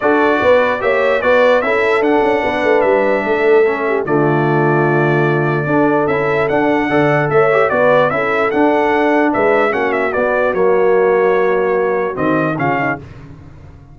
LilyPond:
<<
  \new Staff \with { instrumentName = "trumpet" } { \time 4/4 \tempo 4 = 148 d''2 e''4 d''4 | e''4 fis''2 e''4~ | e''2 d''2~ | d''2. e''4 |
fis''2 e''4 d''4 | e''4 fis''2 e''4 | fis''8 e''8 d''4 cis''2~ | cis''2 dis''4 f''4 | }
  \new Staff \with { instrumentName = "horn" } { \time 4/4 a'4 b'4 cis''4 b'4 | a'2 b'2 | a'4. g'8 f'2~ | f'2 a'2~ |
a'4 d''4 cis''4 b'4 | a'2. b'4 | fis'1~ | fis'2. f'8 dis'8 | }
  \new Staff \with { instrumentName = "trombone" } { \time 4/4 fis'2 g'4 fis'4 | e'4 d'2.~ | d'4 cis'4 a2~ | a2 d'4 e'4 |
d'4 a'4. g'8 fis'4 | e'4 d'2. | cis'4 b4 ais2~ | ais2 c'4 cis'4 | }
  \new Staff \with { instrumentName = "tuba" } { \time 4/4 d'4 b4 ais4 b4 | cis'4 d'8 cis'8 b8 a8 g4 | a2 d2~ | d2 d'4 cis'4 |
d'4 d4 a4 b4 | cis'4 d'2 gis4 | ais4 b4 fis2~ | fis2 dis4 cis4 | }
>>